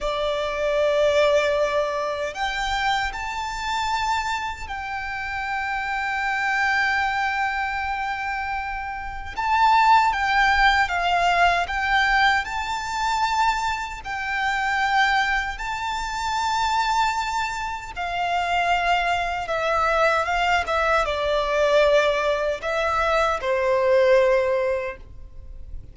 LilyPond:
\new Staff \with { instrumentName = "violin" } { \time 4/4 \tempo 4 = 77 d''2. g''4 | a''2 g''2~ | g''1 | a''4 g''4 f''4 g''4 |
a''2 g''2 | a''2. f''4~ | f''4 e''4 f''8 e''8 d''4~ | d''4 e''4 c''2 | }